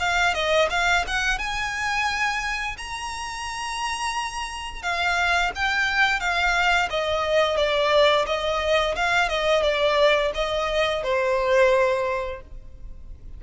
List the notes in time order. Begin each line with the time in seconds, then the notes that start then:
0.00 F5
0.34 D#5
0.70 F5
1.07 F#5
1.39 G#5
2.77 A#5
4.82 F5
5.55 G5
6.20 F5
6.90 D#5
7.57 D5
8.26 D#5
8.96 F5
9.29 D#5
9.63 D5
10.34 D#5
11.03 C5